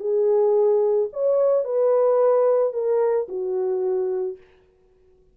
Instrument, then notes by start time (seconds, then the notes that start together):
horn
0.00 G#4
1.13 C#5
1.65 B4
2.74 A#4
3.29 F#4